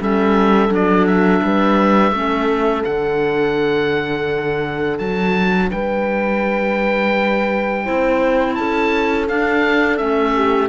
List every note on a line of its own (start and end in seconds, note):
0.00 0.69 G3
0.00 0.69 C#4
0.00 1.44 A4
0.00 0.74 E5
0.69 1.41 F#3
0.69 2.12 D4
0.69 1.07 D5
1.07 2.84 E5
1.43 2.12 G3
1.43 2.16 B4
2.12 2.83 A3
2.12 2.85 C#4
2.12 5.71 A4
2.84 5.00 D3
2.84 7.85 D4
2.84 4.98 F#5
4.99 5.71 F#3
4.99 5.70 A5
5.71 7.87 G3
5.71 7.85 B4
5.71 8.55 G5
7.85 8.59 C4
7.85 9.28 E4
7.85 8.57 C5
8.55 9.29 C#4
8.55 10.35 A4
8.55 9.26 A5
9.28 9.98 D4
9.28 10.00 D4
9.28 9.97 F5
9.97 10.69 A3
9.97 10.69 C#4
9.97 10.69 E5
10.35 10.69 G4